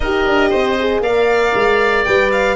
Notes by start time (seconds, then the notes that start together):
0.00 D#4 G4 A#4 D#5
0.26 D4
0.49 C4 C5
0.78 G#4
1.00 A#3 A#4 D5 F5
1.54 G#3
2.04 G3 B4 G5
2.32 F5